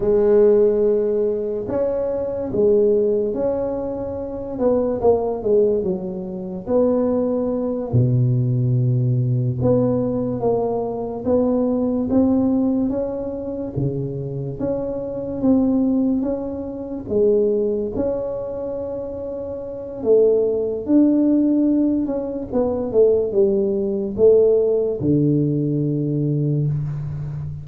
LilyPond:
\new Staff \with { instrumentName = "tuba" } { \time 4/4 \tempo 4 = 72 gis2 cis'4 gis4 | cis'4. b8 ais8 gis8 fis4 | b4. b,2 b8~ | b8 ais4 b4 c'4 cis'8~ |
cis'8 cis4 cis'4 c'4 cis'8~ | cis'8 gis4 cis'2~ cis'8 | a4 d'4. cis'8 b8 a8 | g4 a4 d2 | }